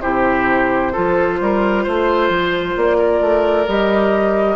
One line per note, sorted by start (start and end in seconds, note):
0.00 0.94 C3
0.00 0.92 E4
0.00 0.92 G4
0.00 2.73 C5
0.92 1.40 F3
0.92 3.66 F4
0.92 1.37 A4
1.40 1.86 G3
1.40 1.83 A#4
1.83 2.29 A3
1.83 2.97 C5
2.29 2.74 F3
2.76 3.20 A#3
2.76 3.67 D5
2.98 4.56 A#4
3.20 3.66 A3
3.67 4.56 G3
3.67 4.56 G4
3.67 4.56 D#5